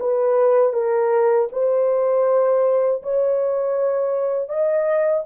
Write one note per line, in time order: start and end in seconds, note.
0.00 0.73 B4
0.73 1.48 A#4
1.52 3.02 C5
3.03 4.49 C#5
4.49 5.24 D#5